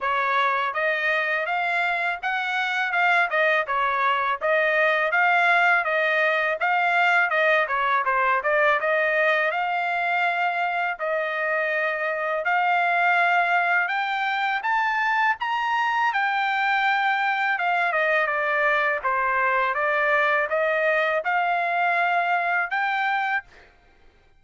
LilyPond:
\new Staff \with { instrumentName = "trumpet" } { \time 4/4 \tempo 4 = 82 cis''4 dis''4 f''4 fis''4 | f''8 dis''8 cis''4 dis''4 f''4 | dis''4 f''4 dis''8 cis''8 c''8 d''8 | dis''4 f''2 dis''4~ |
dis''4 f''2 g''4 | a''4 ais''4 g''2 | f''8 dis''8 d''4 c''4 d''4 | dis''4 f''2 g''4 | }